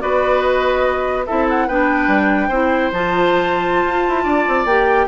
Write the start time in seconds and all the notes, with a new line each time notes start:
0.00 B3 F#4 B4 D5
0.41 D#5
1.26 C4 E4 A4 E5
1.49 F#5
1.67 B3 D4 B4 G5
2.07 G3
2.48 C4 E4 C5
2.92 F3 F4 A5
3.85 F4
4.08 E4
4.23 D4 D5
4.48 C4
4.65 A#3 G4 G5